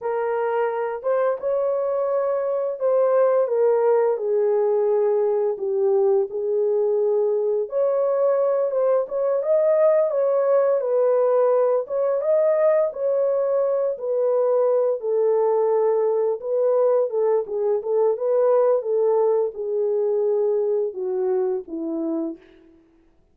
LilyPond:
\new Staff \with { instrumentName = "horn" } { \time 4/4 \tempo 4 = 86 ais'4. c''8 cis''2 | c''4 ais'4 gis'2 | g'4 gis'2 cis''4~ | cis''8 c''8 cis''8 dis''4 cis''4 b'8~ |
b'4 cis''8 dis''4 cis''4. | b'4. a'2 b'8~ | b'8 a'8 gis'8 a'8 b'4 a'4 | gis'2 fis'4 e'4 | }